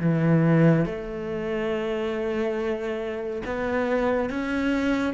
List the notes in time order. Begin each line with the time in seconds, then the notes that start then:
0.00 E3
0.86 A3
3.46 B3
4.30 C#4